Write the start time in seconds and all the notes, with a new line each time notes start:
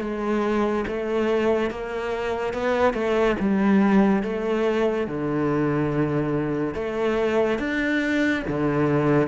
0.00 G#3
0.87 A3
1.70 A#3
2.53 B3
2.93 A3
3.40 G3
4.23 A3
5.07 D3
6.74 A3
7.58 D4
8.48 D3